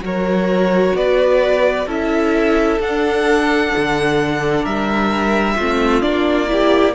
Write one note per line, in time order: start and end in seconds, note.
0.00 0.92 F#3
0.00 1.85 F#4
0.00 0.97 A#4
0.00 0.96 C#5
0.95 1.86 B3
0.95 1.86 B4
0.95 1.88 D5
1.86 2.78 C#4
1.86 2.80 E4
1.86 4.62 A4
1.86 2.81 E5
2.79 3.72 D4
2.79 5.58 D4
2.79 4.65 F#5
3.77 4.65 D3
4.62 5.58 G3
4.62 5.54 A#4
4.62 6.02 E5
5.55 6.03 A3
5.55 6.02 C4
5.55 6.48 F4
6.02 6.94 A#3
6.02 6.47 D4
6.02 6.94 D5
6.47 6.93 E4
6.47 6.94 G4